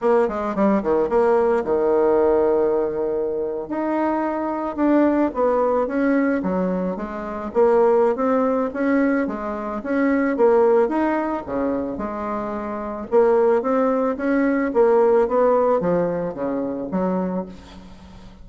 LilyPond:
\new Staff \with { instrumentName = "bassoon" } { \time 4/4 \tempo 4 = 110 ais8 gis8 g8 dis8 ais4 dis4~ | dis2~ dis8. dis'4~ dis'16~ | dis'8. d'4 b4 cis'4 fis16~ | fis8. gis4 ais4~ ais16 c'4 |
cis'4 gis4 cis'4 ais4 | dis'4 cis4 gis2 | ais4 c'4 cis'4 ais4 | b4 f4 cis4 fis4 | }